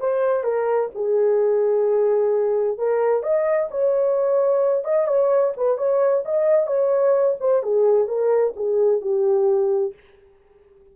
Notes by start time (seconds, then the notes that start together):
0.00 C5
0.44 A#4
0.95 G#4
2.78 A#4
3.23 D#5
3.71 C#5
4.85 D#5
5.07 C#5
5.57 B4
5.78 C#5
6.25 D#5
6.67 C#5
7.40 C5
7.63 G#4
8.08 A#4
8.56 G#4
9.02 G4